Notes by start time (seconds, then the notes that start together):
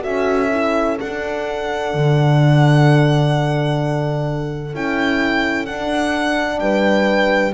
0.00 C#4 F#4 A4 E5
0.50 E4
0.97 D4 F#5
1.94 D3
4.73 C#4 E4 G5
5.66 D4 F#5
6.59 G3 B4 G5